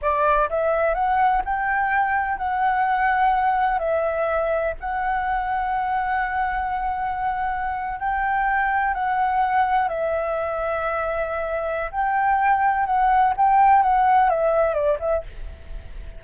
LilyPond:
\new Staff \with { instrumentName = "flute" } { \time 4/4 \tempo 4 = 126 d''4 e''4 fis''4 g''4~ | g''4 fis''2. | e''2 fis''2~ | fis''1~ |
fis''8. g''2 fis''4~ fis''16~ | fis''8. e''2.~ e''16~ | e''4 g''2 fis''4 | g''4 fis''4 e''4 d''8 e''8 | }